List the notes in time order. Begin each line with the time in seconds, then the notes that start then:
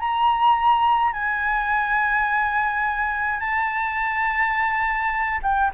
0.00 A#5
1.13 G#5
3.41 A5
5.43 G5